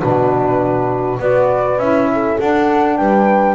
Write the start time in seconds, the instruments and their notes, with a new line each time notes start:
0.00 double bass B2, saxophone D4, horn F#4, flute B4
1.19 double bass B3, saxophone F#4, horn B4, flute D5
1.77 double bass C#4, saxophone E4, flute E5
2.12 horn A4
2.39 saxophone D4, double bass D4, flute F#5
2.96 double bass G3, horn B4, flute G5